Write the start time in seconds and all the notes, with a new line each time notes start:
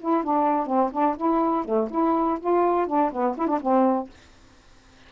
0.00 E4
0.24 D4
0.66 C4
0.92 D4
1.17 E4
1.65 A3
1.90 E4
2.40 F4
2.87 D4
3.12 B3
3.38 E4
3.48 D4
3.62 C4